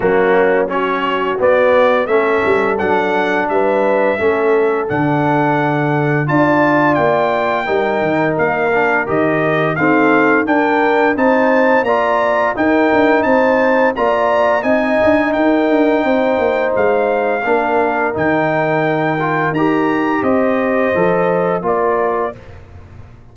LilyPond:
<<
  \new Staff \with { instrumentName = "trumpet" } { \time 4/4 \tempo 4 = 86 fis'4 cis''4 d''4 e''4 | fis''4 e''2 fis''4~ | fis''4 a''4 g''2 | f''4 dis''4 f''4 g''4 |
a''4 ais''4 g''4 a''4 | ais''4 gis''4 g''2 | f''2 g''2 | ais''4 dis''2 d''4 | }
  \new Staff \with { instrumentName = "horn" } { \time 4/4 cis'4 fis'2 a'4~ | a'4 b'4 a'2~ | a'4 d''2 ais'4~ | ais'2 a'4 ais'4 |
c''4 d''4 ais'4 c''4 | d''4 dis''4 ais'4 c''4~ | c''4 ais'2.~ | ais'4 c''2 ais'4 | }
  \new Staff \with { instrumentName = "trombone" } { \time 4/4 ais4 cis'4 b4 cis'4 | d'2 cis'4 d'4~ | d'4 f'2 dis'4~ | dis'8 d'8 g'4 c'4 d'4 |
dis'4 f'4 dis'2 | f'4 dis'2.~ | dis'4 d'4 dis'4. f'8 | g'2 a'4 f'4 | }
  \new Staff \with { instrumentName = "tuba" } { \time 4/4 fis2 b4 a8 g8 | fis4 g4 a4 d4~ | d4 d'4 ais4 g8 dis8 | ais4 dis4 dis'4 d'4 |
c'4 ais4 dis'8 d'8 c'4 | ais4 c'8 d'8 dis'8 d'8 c'8 ais8 | gis4 ais4 dis2 | dis'4 c'4 f4 ais4 | }
>>